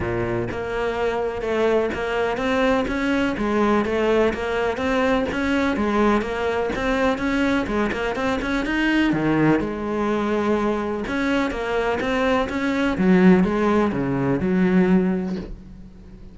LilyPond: \new Staff \with { instrumentName = "cello" } { \time 4/4 \tempo 4 = 125 ais,4 ais2 a4 | ais4 c'4 cis'4 gis4 | a4 ais4 c'4 cis'4 | gis4 ais4 c'4 cis'4 |
gis8 ais8 c'8 cis'8 dis'4 dis4 | gis2. cis'4 | ais4 c'4 cis'4 fis4 | gis4 cis4 fis2 | }